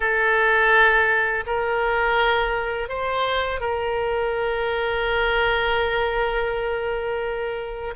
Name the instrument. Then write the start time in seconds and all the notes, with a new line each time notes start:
oboe
0.00 A4
1.46 A#4
2.88 C5
3.60 A#4